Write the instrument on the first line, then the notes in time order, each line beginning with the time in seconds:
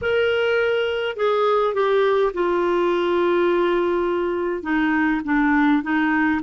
clarinet
0.01 A#4
1.16 G#4
1.74 G4
2.33 F4
4.62 D#4
5.24 D4
5.82 D#4